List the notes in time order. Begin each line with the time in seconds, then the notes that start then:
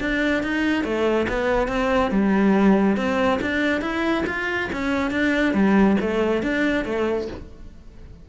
0.00 D4
0.43 D#4
0.84 A3
1.28 B3
1.68 C4
2.11 G3
2.96 C4
3.41 D4
3.81 E4
4.26 F4
4.72 C#4
5.10 D4
5.53 G3
6.00 A3
6.42 D4
6.85 A3